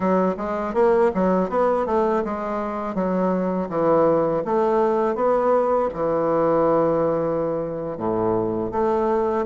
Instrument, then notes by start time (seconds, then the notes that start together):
bassoon
0.00 F#3
0.37 G#3
0.74 A#3
1.14 F#3
1.49 B3
1.86 A3
2.24 G#3
2.94 F#3
3.69 E3
4.44 A3
5.15 B3
5.93 E3
7.97 A2
8.71 A3